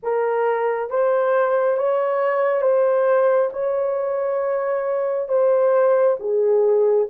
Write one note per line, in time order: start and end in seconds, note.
0.02 0.89 A#4
0.89 1.76 C5
1.76 2.61 C#5
2.61 3.50 C5
3.53 5.28 C#5
5.28 6.16 C5
6.19 7.07 G#4